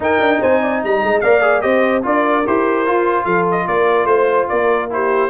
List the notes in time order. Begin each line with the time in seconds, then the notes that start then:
0.00 D#4 A#4 G5
0.19 D4
0.40 C4 C5 G#5
0.61 D5
0.82 G3 D#5 A#5
1.02 G#3
1.20 A#3 A#4 D5 F5
1.41 G#4
1.61 C4 G4 C5 D#5
2.02 D4 F4 A#4 D5
2.46 E4 G4 C5
2.86 F4
3.24 F3 A4 F5
3.51 D#5
3.67 A#3 A#4 D5
4.05 A3 C5
4.48 A#3 A#4 D5
4.90 E4 G4 C5